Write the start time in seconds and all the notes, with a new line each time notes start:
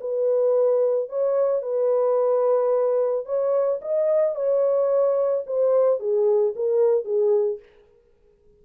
0.00 B4
1.09 C#5
1.62 B4
3.25 C#5
3.82 D#5
4.35 C#5
5.46 C5
5.99 G#4
6.56 A#4
7.04 G#4